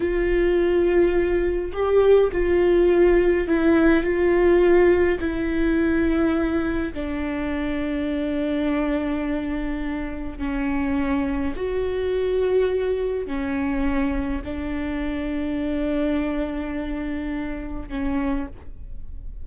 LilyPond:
\new Staff \with { instrumentName = "viola" } { \time 4/4 \tempo 4 = 104 f'2. g'4 | f'2 e'4 f'4~ | f'4 e'2. | d'1~ |
d'2 cis'2 | fis'2. cis'4~ | cis'4 d'2.~ | d'2. cis'4 | }